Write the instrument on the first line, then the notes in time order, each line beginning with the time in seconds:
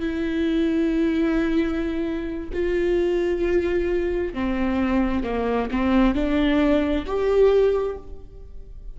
viola
0.00 E4
2.53 F4
4.34 C4
5.24 A#3
5.71 C4
6.15 D4
7.06 G4